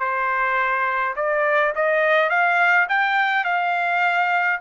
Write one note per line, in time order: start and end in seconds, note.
0.00 1.15 C5
1.16 1.74 D5
1.75 2.30 D#5
2.30 2.87 F5
2.89 3.45 G5
3.45 4.60 F5